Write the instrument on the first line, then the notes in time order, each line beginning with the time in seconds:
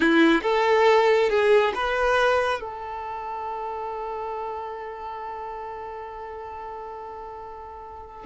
violin
0.00 E4
0.42 A4
1.29 G#4
1.75 B4
2.60 A4